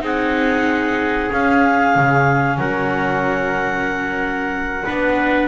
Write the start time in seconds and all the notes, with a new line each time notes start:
0.00 C4 D#4 G#4 F#5
1.29 C#4 F5
1.95 C#3
2.57 F#3 A#4 F#5
4.84 B3 D4 B4